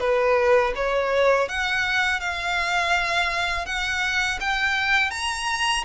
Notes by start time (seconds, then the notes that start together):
0.00 B4
0.75 C#5
1.49 F#5
2.21 F5
3.66 F#5
4.40 G5
5.11 A#5